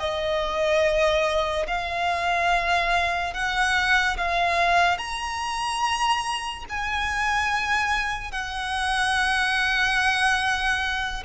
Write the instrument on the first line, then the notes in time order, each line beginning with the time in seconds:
violin
0.00 D#5
1.67 F5
3.34 F#5
4.17 F5
4.98 A#5
6.69 G#5
8.32 F#5